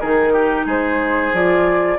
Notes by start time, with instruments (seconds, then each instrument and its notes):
0.00 bassoon D#3, clarinet D#4, oboe G#4, flute A#4
0.33 oboe G4
0.66 bassoon G#3, oboe G#4, flute C5
1.33 bassoon F3, clarinet F4, flute D5